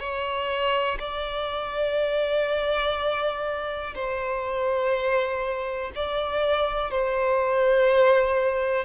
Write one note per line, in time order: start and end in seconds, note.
0.00 0.98 C#5
1.00 3.95 D5
3.95 5.92 C5
5.96 6.91 D5
6.91 8.85 C5